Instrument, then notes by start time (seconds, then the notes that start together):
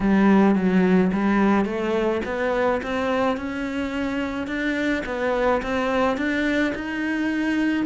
cello
0.00 G3
0.55 F#3
1.12 G3
1.65 A3
2.25 B3
2.82 C4
3.36 C#4
4.47 D4
5.05 B3
5.62 C4
6.17 D4
6.74 D#4